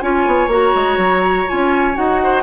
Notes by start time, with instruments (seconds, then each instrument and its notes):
0.00 bassoon C#4, clarinet F4, oboe C#5, flute G#5
0.26 bassoon B3
0.47 bassoon A#3, clarinet F#4, flute A#5
0.75 bassoon G#3
0.97 bassoon F#3
1.47 bassoon C#4, clarinet F4, flute G#5
1.93 bassoon D#4, clarinet F#4, flute F#5
2.23 oboe C5